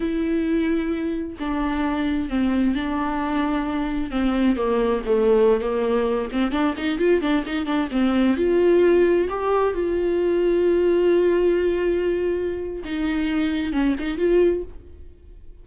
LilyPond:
\new Staff \with { instrumentName = "viola" } { \time 4/4 \tempo 4 = 131 e'2. d'4~ | d'4 c'4 d'2~ | d'4 c'4 ais4 a4~ | a16 ais4. c'8 d'8 dis'8 f'8 d'16~ |
d'16 dis'8 d'8 c'4 f'4.~ f'16~ | f'16 g'4 f'2~ f'8.~ | f'1 | dis'2 cis'8 dis'8 f'4 | }